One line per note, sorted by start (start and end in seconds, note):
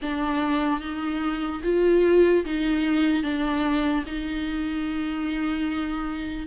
0.01 0.80 D4
0.80 1.61 D#4
1.63 2.44 F4
2.45 3.22 D#4
3.22 4.04 D4
4.06 6.47 D#4